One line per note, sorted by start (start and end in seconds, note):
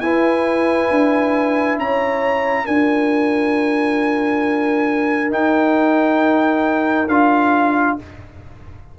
0.00 0.89 E4
0.00 2.67 E4
0.00 1.81 B4
0.00 1.76 G#5
0.90 1.78 D4
1.78 2.67 C#4
1.78 2.65 C#5
1.78 2.66 A#5
2.65 5.32 D4
2.65 5.31 F4
2.65 7.94 A#4
2.65 5.31 G#5
5.31 7.07 D#4
5.31 7.08 D#4
5.31 7.08 G5
7.08 7.96 D4
7.08 7.99 F4
7.08 7.97 F5